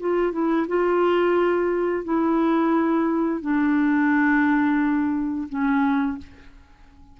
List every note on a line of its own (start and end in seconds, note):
0.00 0.32 F4
0.32 0.67 E4
0.68 2.04 F4
2.04 3.42 E4
3.42 5.49 D4
5.49 6.18 C#4